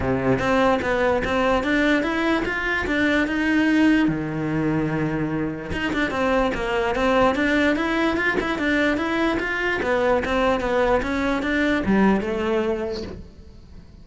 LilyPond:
\new Staff \with { instrumentName = "cello" } { \time 4/4 \tempo 4 = 147 c4 c'4 b4 c'4 | d'4 e'4 f'4 d'4 | dis'2 dis2~ | dis2 dis'8 d'8 c'4 |
ais4 c'4 d'4 e'4 | f'8 e'8 d'4 e'4 f'4 | b4 c'4 b4 cis'4 | d'4 g4 a2 | }